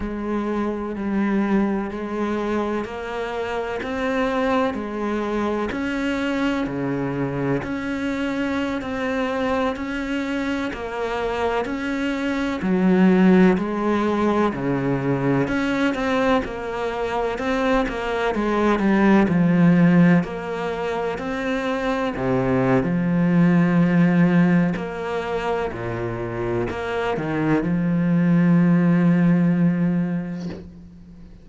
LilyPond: \new Staff \with { instrumentName = "cello" } { \time 4/4 \tempo 4 = 63 gis4 g4 gis4 ais4 | c'4 gis4 cis'4 cis4 | cis'4~ cis'16 c'4 cis'4 ais8.~ | ais16 cis'4 fis4 gis4 cis8.~ |
cis16 cis'8 c'8 ais4 c'8 ais8 gis8 g16~ | g16 f4 ais4 c'4 c8. | f2 ais4 ais,4 | ais8 dis8 f2. | }